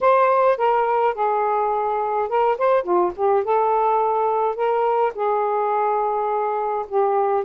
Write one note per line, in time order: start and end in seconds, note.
0.00 0.57 C5
0.57 1.14 A#4
1.14 2.29 G#4
2.29 2.57 A#4
2.58 2.83 C5
2.83 3.11 F4
3.16 3.44 G4
3.44 4.55 A4
4.55 5.12 A#4
5.14 6.86 G#4
6.88 7.44 G4